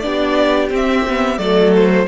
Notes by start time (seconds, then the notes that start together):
0.00 B3 D4 G4 D5
0.70 C4 E5
1.07 B3
1.38 F#3 A3 A4 D5
1.75 C5